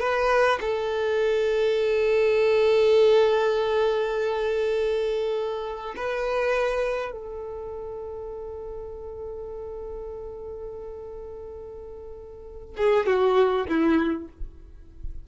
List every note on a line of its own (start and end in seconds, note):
0.00 0.59 B4
0.60 5.95 A4
5.96 7.12 B4
7.12 12.76 A4
12.77 13.07 G#4
13.07 13.66 F#4
13.68 14.28 E4